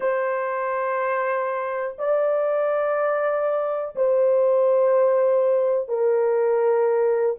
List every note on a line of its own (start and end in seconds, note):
0.00 1.95 C5
1.98 3.95 D5
3.95 5.88 C5
5.88 7.35 A#4